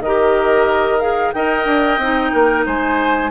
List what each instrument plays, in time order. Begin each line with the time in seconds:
0.00 bassoon D#3, clarinet G4, oboe A#4, flute D#5
0.99 clarinet G#4, flute F5
1.32 bassoon D#4, clarinet A#4, oboe D#5, flute G5
1.65 bassoon D4
1.98 bassoon C4, clarinet D#4
2.32 bassoon A#3, oboe A#4
2.66 bassoon G#3, oboe C5, flute G#5